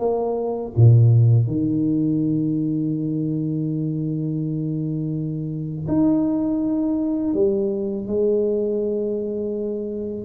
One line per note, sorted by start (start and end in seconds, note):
0.00 0.73 A#3
0.77 1.48 A#2
1.48 5.87 D#3
5.88 7.34 D#4
7.34 8.08 G3
8.08 10.25 G#3